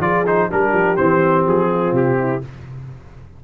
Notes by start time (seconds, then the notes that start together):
0.00 F3 F4 G#4 D5
0.26 D#4 C5
0.48 G3 D4 G4 A#4
0.73 F3
0.96 E3 C4 C5
1.47 F3 G#4
1.70 F4
1.92 C3 G4
2.19 E4